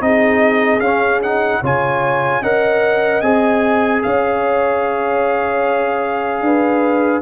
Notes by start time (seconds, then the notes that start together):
0.00 C4 D#4 G#4 D#5
0.79 C#4 F5
1.22 D#4 F#5
1.61 C#3 F4 C#5 G#5
2.41 C#4 A#4 D#5 F#5
3.21 C4 G#4 G#5
4.03 C#4 C#5 F5
6.41 D4 B4